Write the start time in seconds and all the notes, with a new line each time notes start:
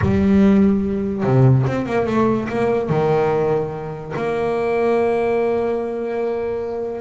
0.01 G3
1.23 C3
1.66 C4
1.86 A#3
2.06 A3
2.48 A#3
2.89 D#3
4.16 A#3